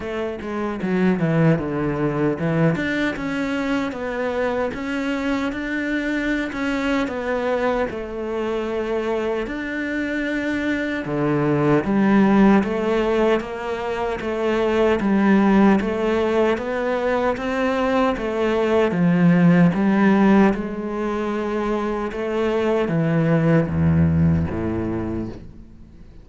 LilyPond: \new Staff \with { instrumentName = "cello" } { \time 4/4 \tempo 4 = 76 a8 gis8 fis8 e8 d4 e8 d'8 | cis'4 b4 cis'4 d'4~ | d'16 cis'8. b4 a2 | d'2 d4 g4 |
a4 ais4 a4 g4 | a4 b4 c'4 a4 | f4 g4 gis2 | a4 e4 e,4 a,4 | }